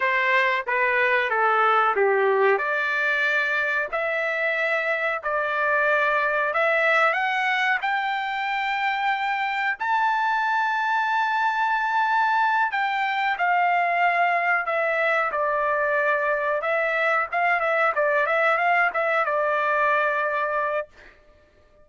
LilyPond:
\new Staff \with { instrumentName = "trumpet" } { \time 4/4 \tempo 4 = 92 c''4 b'4 a'4 g'4 | d''2 e''2 | d''2 e''4 fis''4 | g''2. a''4~ |
a''2.~ a''8 g''8~ | g''8 f''2 e''4 d''8~ | d''4. e''4 f''8 e''8 d''8 | e''8 f''8 e''8 d''2~ d''8 | }